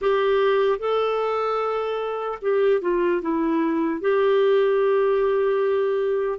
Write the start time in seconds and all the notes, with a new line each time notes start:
0.01 G4
0.78 A4
2.41 G4
2.81 F4
3.21 E4
4.00 G4